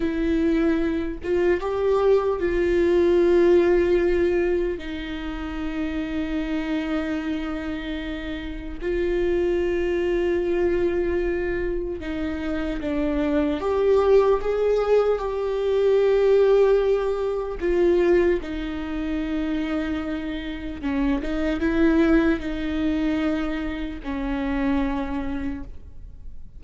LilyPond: \new Staff \with { instrumentName = "viola" } { \time 4/4 \tempo 4 = 75 e'4. f'8 g'4 f'4~ | f'2 dis'2~ | dis'2. f'4~ | f'2. dis'4 |
d'4 g'4 gis'4 g'4~ | g'2 f'4 dis'4~ | dis'2 cis'8 dis'8 e'4 | dis'2 cis'2 | }